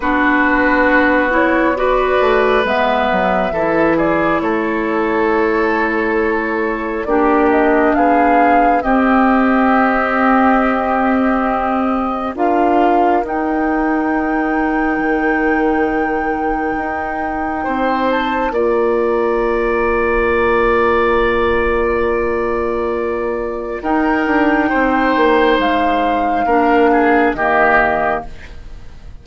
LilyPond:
<<
  \new Staff \with { instrumentName = "flute" } { \time 4/4 \tempo 4 = 68 b'4. cis''8 d''4 e''4~ | e''8 d''8 cis''2. | d''8 dis''8 f''4 dis''2~ | dis''2 f''4 g''4~ |
g''1~ | g''8 a''8 ais''2.~ | ais''2. g''4~ | g''4 f''2 dis''4 | }
  \new Staff \with { instrumentName = "oboe" } { \time 4/4 fis'2 b'2 | a'8 gis'8 a'2. | g'4 gis'4 g'2~ | g'2 ais'2~ |
ais'1 | c''4 d''2.~ | d''2. ais'4 | c''2 ais'8 gis'8 g'4 | }
  \new Staff \with { instrumentName = "clarinet" } { \time 4/4 d'4. e'8 fis'4 b4 | e'1 | d'2 c'2~ | c'2 f'4 dis'4~ |
dis'1~ | dis'4 f'2.~ | f'2. dis'4~ | dis'2 d'4 ais4 | }
  \new Staff \with { instrumentName = "bassoon" } { \time 4/4 b2~ b8 a8 gis8 fis8 | e4 a2. | ais4 b4 c'2~ | c'2 d'4 dis'4~ |
dis'4 dis2 dis'4 | c'4 ais2.~ | ais2. dis'8 d'8 | c'8 ais8 gis4 ais4 dis4 | }
>>